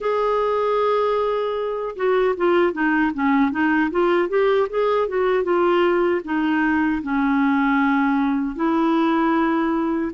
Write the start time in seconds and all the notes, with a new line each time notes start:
0.00 G#4
1.96 F#4
2.36 F4
2.72 D#4
3.14 C#4
3.51 D#4
3.90 F4
4.29 G4
4.69 G#4
5.08 F#4
5.43 F4
6.24 D#4
7.03 C#4
8.55 E4